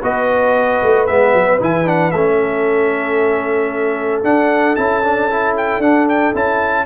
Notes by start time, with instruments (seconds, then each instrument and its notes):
0.00 tuba B3, trombone F#4, horn B4, trumpet D#5
0.83 tuba A3
1.07 tuba G#3, trombone B3, trumpet E5
1.34 tuba F#3
1.60 tuba E3, trombone E4, trumpet G#5
1.86 trombone D4, trumpet F#5
2.12 tuba A3, trombone C#4, trumpet E5
2.41 horn A4
4.24 tuba D4, trombone D4, trumpet F#5
4.76 tuba C#4, trombone E4, trumpet A5
5.04 trombone D4
5.30 trombone E4
5.57 trumpet G5
5.79 tuba D4, trombone D4, trumpet F#5
6.09 trumpet G5
6.34 tuba C#4, trombone E4, trumpet A5